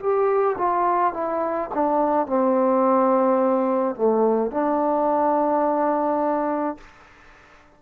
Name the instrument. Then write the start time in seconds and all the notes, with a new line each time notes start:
trombone
0.00 G4
0.58 F4
1.14 E4
1.74 D4
2.27 C4
3.96 A3
4.51 D4